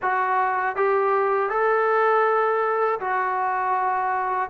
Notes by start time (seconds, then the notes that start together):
0.01 F#4
0.75 G4
1.49 A4
3.00 F#4